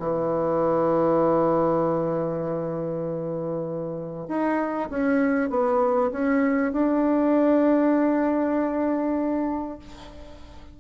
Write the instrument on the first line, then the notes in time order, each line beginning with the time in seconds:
bassoon
0.00 E3
4.29 D#4
4.90 C#4
5.50 B3
6.12 C#4
6.73 D4